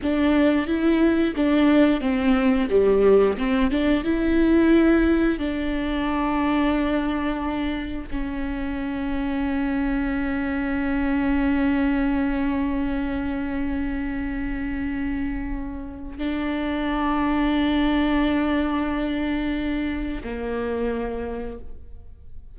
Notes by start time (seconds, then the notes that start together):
0.02 D4
0.66 E4
1.36 D4
2.00 C4
2.70 G3
3.37 C4
3.70 D4
4.04 E4
5.38 D4
8.10 C#4
16.18 D4
20.23 A#3